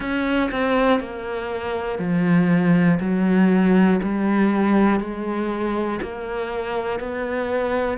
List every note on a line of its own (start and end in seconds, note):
0.00 0.50 C#4
0.51 1.00 C4
1.00 1.98 A#3
1.98 2.98 F3
3.00 4.00 F#3
4.03 5.00 G3
5.00 6.00 G#3
6.01 6.99 A#3
6.99 7.98 B3